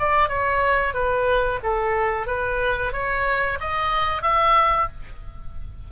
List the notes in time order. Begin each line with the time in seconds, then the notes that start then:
0.00 D5
0.29 C#5
0.94 B4
1.64 A4
2.27 B4
2.93 C#5
3.61 D#5
4.23 E5